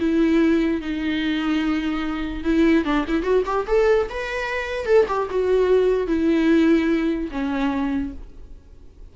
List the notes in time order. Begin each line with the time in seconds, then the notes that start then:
0.00 E4
0.81 D#4
2.44 E4
2.85 D4
3.08 E4
3.23 F#4
3.46 G4
3.67 A4
4.10 B4
4.86 A4
5.08 G4
5.30 F#4
6.08 E4
7.31 C#4